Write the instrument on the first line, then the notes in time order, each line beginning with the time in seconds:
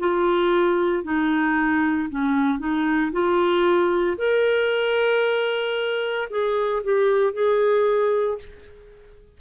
clarinet
0.00 F4
1.04 D#4
2.10 C#4
2.59 D#4
3.12 F4
4.18 A#4
6.30 G#4
6.84 G4
7.34 G#4